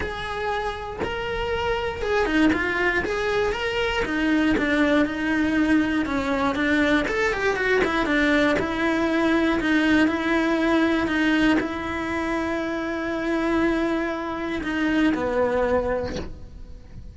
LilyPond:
\new Staff \with { instrumentName = "cello" } { \time 4/4 \tempo 4 = 119 gis'2 ais'2 | gis'8 dis'8 f'4 gis'4 ais'4 | dis'4 d'4 dis'2 | cis'4 d'4 a'8 g'8 fis'8 e'8 |
d'4 e'2 dis'4 | e'2 dis'4 e'4~ | e'1~ | e'4 dis'4 b2 | }